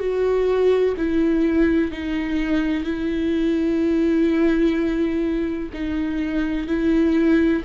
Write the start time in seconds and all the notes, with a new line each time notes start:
0.00 F#4
0.97 E4
1.92 D#4
2.84 E4
5.74 D#4
6.68 E4